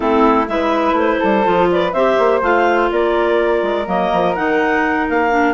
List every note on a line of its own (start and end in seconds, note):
0.00 0.48 A3
0.00 0.46 C4
0.00 0.48 E4
0.00 0.47 A4
0.47 0.92 G#3
0.47 1.43 E4
0.47 1.19 B4
0.47 0.96 E5
0.92 1.16 A3
0.98 1.71 C5
1.19 1.46 G3
1.19 1.68 A4
1.43 1.93 F3
1.43 1.92 F4
1.71 1.93 B4
1.71 1.92 D5
1.92 2.17 C4
1.92 2.42 G4
1.92 2.90 C5
1.92 2.41 E5
2.18 2.41 A#3
2.41 2.89 A3
2.41 3.85 F4
2.41 2.91 F5
2.91 3.62 A#3
2.91 5.54 A#4
2.91 3.88 D5
3.62 3.86 G#3
3.85 4.11 F#3
3.85 4.34 A#3
3.85 4.34 D#5
4.13 4.37 F3
4.34 5.09 D#3
4.34 5.30 D#4
4.34 5.07 F#5
5.09 5.54 A#3
5.09 5.54 F5
5.30 5.54 D4